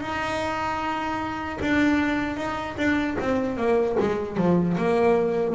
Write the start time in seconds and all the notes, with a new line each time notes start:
0.00 D#4
1.61 D4
2.36 D#4
2.77 D4
3.19 C4
3.57 A#3
3.99 G#3
4.37 F3
4.77 A#3